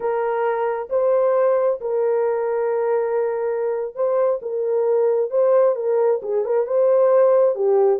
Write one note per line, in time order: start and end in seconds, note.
0.00 0.88 A#4
0.89 1.80 C5
1.80 3.95 A#4
3.95 4.40 C5
4.41 5.30 A#4
5.30 5.75 C5
5.75 6.20 A#4
6.22 6.44 G#4
6.44 6.67 A#4
6.67 7.55 C5
7.55 7.99 G4